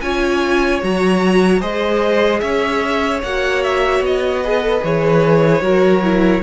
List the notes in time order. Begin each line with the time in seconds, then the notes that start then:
0.00 C#4 F4 C#5 G#5
0.82 F#3 F#4 A#5
1.60 G#3 G#4 C5 D#5
2.40 C#4 C#5 E5
3.23 A#3 F#4 F#5
3.63 E5
4.00 B3 D#5
4.43 G#4 B4
4.61 A4
4.80 E3 G#4 C#5
5.61 F#3 F#4 A#4
6.03 E4